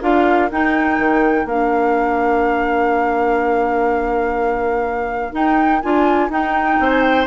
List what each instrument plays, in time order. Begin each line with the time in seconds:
0.00 bassoon D4, clarinet F4, oboe A#4, flute F5
0.51 bassoon D#4, clarinet D#4, flute G5
0.98 bassoon D#3
1.44 bassoon A#3, clarinet D4, flute F5
5.32 clarinet D#4, bassoon D#4, flute G5
5.81 bassoon D4, clarinet F4, flute G#5
6.29 bassoon D#4, clarinet D#4, flute G5
6.79 bassoon C4, oboe C5
6.89 flute G#5
7.01 flute G5